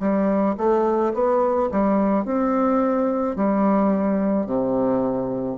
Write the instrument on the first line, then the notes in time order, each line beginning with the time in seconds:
bassoon
0.00 G3
0.58 A3
1.14 B3
1.71 G3
2.25 C4
3.36 G3
4.46 C3